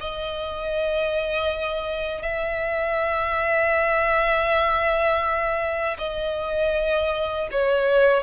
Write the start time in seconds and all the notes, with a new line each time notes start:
0.00 D#5
2.22 E5
5.98 D#5
7.51 C#5